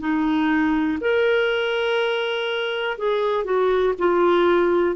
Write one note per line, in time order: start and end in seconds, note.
0.00 0.98 D#4
1.01 2.98 A#4
2.98 3.44 G#4
3.44 3.93 F#4
3.98 4.95 F4